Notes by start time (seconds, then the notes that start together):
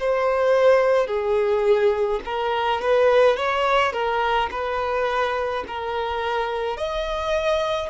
0.00 C5
1.08 G#4
2.25 A#4
2.81 B4
3.37 C#5
3.93 A#4
4.51 B4
5.68 A#4
6.77 D#5